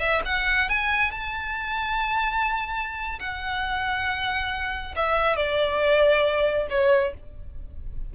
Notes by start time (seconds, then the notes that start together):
0.00 E5
0.26 F#5
0.69 G#5
1.11 A5
3.20 F#5
4.96 E5
5.37 D5
6.70 C#5